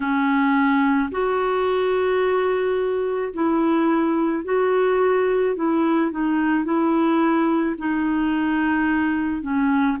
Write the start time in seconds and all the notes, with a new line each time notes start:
0.00 C#4
1.11 F#4
3.33 E4
4.44 F#4
5.55 E4
6.11 D#4
6.64 E4
7.78 D#4
9.41 C#4